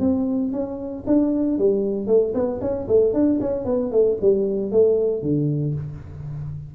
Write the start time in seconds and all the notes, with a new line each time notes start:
0.00 C4
0.52 C#4
1.07 D4
1.58 G3
2.07 A3
2.34 B3
2.61 C#4
2.88 A3
3.14 D4
3.41 C#4
3.65 B3
3.92 A3
4.22 G3
4.72 A3
5.22 D3